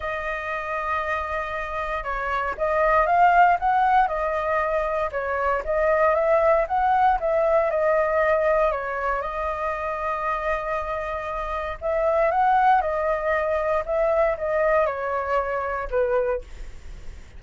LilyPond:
\new Staff \with { instrumentName = "flute" } { \time 4/4 \tempo 4 = 117 dis''1 | cis''4 dis''4 f''4 fis''4 | dis''2 cis''4 dis''4 | e''4 fis''4 e''4 dis''4~ |
dis''4 cis''4 dis''2~ | dis''2. e''4 | fis''4 dis''2 e''4 | dis''4 cis''2 b'4 | }